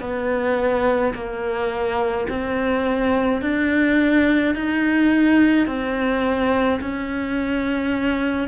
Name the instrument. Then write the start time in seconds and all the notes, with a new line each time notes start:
cello
0.00 B3
1.14 A#3
2.28 C4
3.41 D4
4.54 D#4
5.67 C4
6.80 C#4